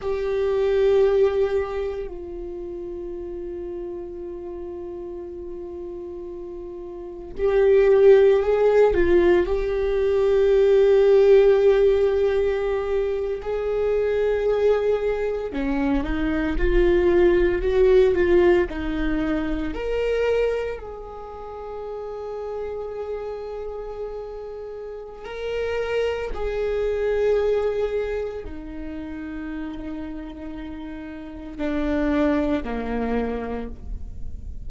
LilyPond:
\new Staff \with { instrumentName = "viola" } { \time 4/4 \tempo 4 = 57 g'2 f'2~ | f'2. g'4 | gis'8 f'8 g'2.~ | g'8. gis'2 cis'8 dis'8 f'16~ |
f'8. fis'8 f'8 dis'4 ais'4 gis'16~ | gis'1 | ais'4 gis'2 dis'4~ | dis'2 d'4 ais4 | }